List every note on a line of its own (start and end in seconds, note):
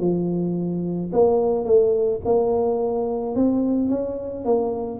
0.00 1.11 F3
1.13 1.65 A#3
1.65 2.21 A3
2.25 3.35 A#3
3.35 3.90 C4
3.90 4.45 C#4
4.45 5.00 A#3